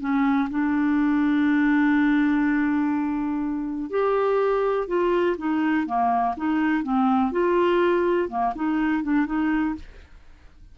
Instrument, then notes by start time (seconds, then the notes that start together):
clarinet
0.00 C#4
0.50 D4
3.90 G4
4.88 F4
5.37 D#4
5.86 A#3
6.37 D#4
6.83 C4
7.32 F4
8.29 A#3
8.55 D#4
9.03 D4
9.26 D#4